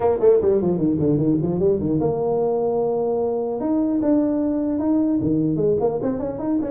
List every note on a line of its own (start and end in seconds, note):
0.00 0.19 A#3
0.20 0.40 A3
0.41 0.61 G3
0.61 0.77 F3
0.77 0.97 D#3
0.99 1.17 D3
1.17 1.37 D#3
1.41 1.59 F3
1.59 1.79 G3
1.79 1.99 D#3
2.00 3.60 A#3
3.60 4.00 D#4
4.01 4.79 D4
4.79 5.19 D#4
5.21 5.56 D#3
5.56 5.76 G#3
5.80 6.00 A#3
6.02 6.19 C4
6.19 6.39 C#4
6.39 6.59 D#4
6.61 6.70 C#4